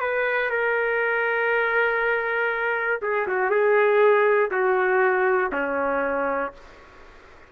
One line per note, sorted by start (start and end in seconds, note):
0.00 0.50 B4
0.50 3.00 A#4
3.02 3.27 G#4
3.27 3.50 F#4
3.50 4.50 G#4
4.51 5.51 F#4
5.52 6.52 C#4